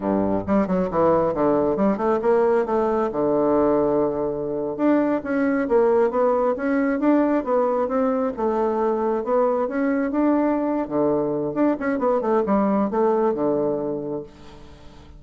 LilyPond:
\new Staff \with { instrumentName = "bassoon" } { \time 4/4 \tempo 4 = 135 g,4 g8 fis8 e4 d4 | g8 a8 ais4 a4 d4~ | d2~ d8. d'4 cis'16~ | cis'8. ais4 b4 cis'4 d'16~ |
d'8. b4 c'4 a4~ a16~ | a8. b4 cis'4 d'4~ d'16~ | d'8 d4. d'8 cis'8 b8 a8 | g4 a4 d2 | }